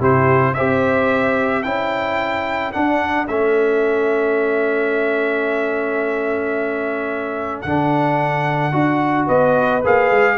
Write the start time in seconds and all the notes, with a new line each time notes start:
0.00 C3 E4 G4 C5
0.54 C4 G4 C5 E5
1.63 C#4 E4 A4 G5
2.72 D4 F#5
3.28 A3 C#4 E5
7.62 D3 D4 F#5
8.72 D4 F#4
9.27 B3 B4 D#5
9.84 A#3 G#4 F5
10.11 G#3